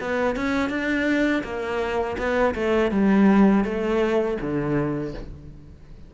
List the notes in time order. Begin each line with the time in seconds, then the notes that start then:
0.00 B3
0.36 C#4
0.69 D4
1.43 A#3
2.18 B3
2.54 A3
2.91 G3
3.64 A3
4.40 D3